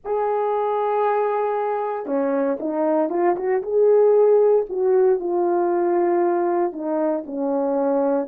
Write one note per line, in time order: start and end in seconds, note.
0.04 2.05 G#4
2.05 2.57 C#4
2.59 3.09 D#4
3.09 3.35 F4
3.36 3.62 F#4
3.62 4.66 G#4
4.69 5.20 F#4
5.20 6.72 F4
6.72 7.24 D#4
7.26 8.28 C#4